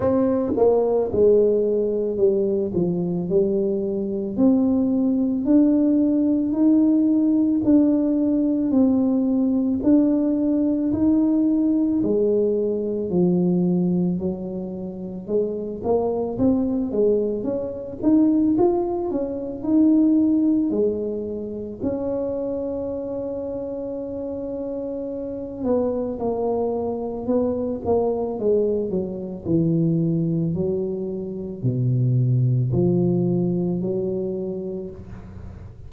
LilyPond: \new Staff \with { instrumentName = "tuba" } { \time 4/4 \tempo 4 = 55 c'8 ais8 gis4 g8 f8 g4 | c'4 d'4 dis'4 d'4 | c'4 d'4 dis'4 gis4 | f4 fis4 gis8 ais8 c'8 gis8 |
cis'8 dis'8 f'8 cis'8 dis'4 gis4 | cis'2.~ cis'8 b8 | ais4 b8 ais8 gis8 fis8 e4 | fis4 b,4 f4 fis4 | }